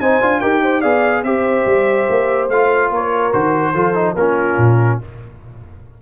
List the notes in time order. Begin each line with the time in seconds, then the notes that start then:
0.00 C4 D#4 C5 G#5
0.21 D4 F4
0.40 D#4 G4 A#4 G5
0.62 C5
0.81 B3 G#4 D5 F5
1.23 C4 G4 C5 E5
1.66 G3
2.09 A#3
2.49 A3 F4 F5
2.90 A#3 A#4 C#5
3.32 D#3 F#4 C5
3.74 F3 F4 A4
3.94 D#4
4.15 A#3 C#4 F4 A#4
4.57 A#2